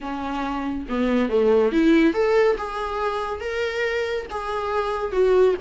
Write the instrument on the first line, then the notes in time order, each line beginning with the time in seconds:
viola
0.00 C#4
0.88 B3
1.29 A3
1.72 E4
2.13 A4
2.57 G#4
3.40 A#4
4.30 G#4
5.12 F#4